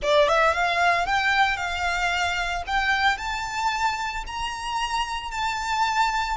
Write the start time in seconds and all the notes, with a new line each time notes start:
0.02 D5
0.28 E5
0.53 F5
1.06 G5
1.57 F5
2.66 G5
3.17 A5
4.26 A#5
5.31 A5